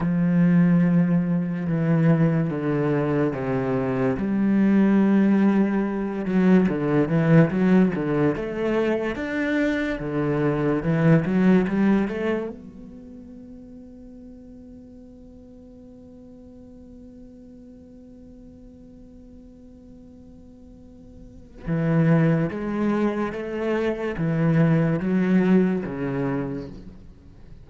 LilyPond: \new Staff \with { instrumentName = "cello" } { \time 4/4 \tempo 4 = 72 f2 e4 d4 | c4 g2~ g8 fis8 | d8 e8 fis8 d8 a4 d'4 | d4 e8 fis8 g8 a8 b4~ |
b1~ | b1~ | b2 e4 gis4 | a4 e4 fis4 cis4 | }